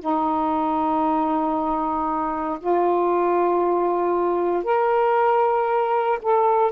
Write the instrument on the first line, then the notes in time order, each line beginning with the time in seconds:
saxophone
0.00 D#4
2.60 F4
4.64 A#4
6.22 A4